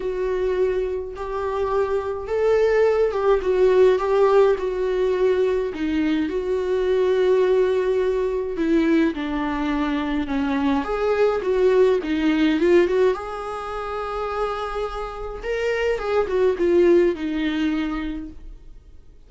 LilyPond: \new Staff \with { instrumentName = "viola" } { \time 4/4 \tempo 4 = 105 fis'2 g'2 | a'4. g'8 fis'4 g'4 | fis'2 dis'4 fis'4~ | fis'2. e'4 |
d'2 cis'4 gis'4 | fis'4 dis'4 f'8 fis'8 gis'4~ | gis'2. ais'4 | gis'8 fis'8 f'4 dis'2 | }